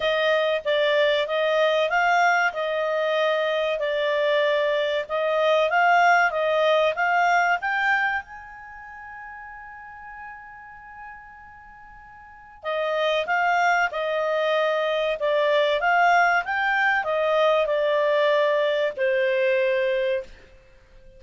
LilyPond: \new Staff \with { instrumentName = "clarinet" } { \time 4/4 \tempo 4 = 95 dis''4 d''4 dis''4 f''4 | dis''2 d''2 | dis''4 f''4 dis''4 f''4 | g''4 gis''2.~ |
gis''1 | dis''4 f''4 dis''2 | d''4 f''4 g''4 dis''4 | d''2 c''2 | }